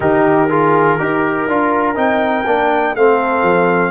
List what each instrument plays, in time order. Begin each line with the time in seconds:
0.00 tuba D#3, trombone D#4, horn G4, trumpet A#4
0.48 trombone F4, horn G#4
0.96 tuba D#4, trombone G4, horn A#4
1.48 tuba D4, trombone F4
1.94 tuba C4, trombone D#4, trumpet G5
2.46 tuba A#3, trombone D4
2.95 tuba A3, trombone C4, horn A4, trumpet F5
3.42 tuba F3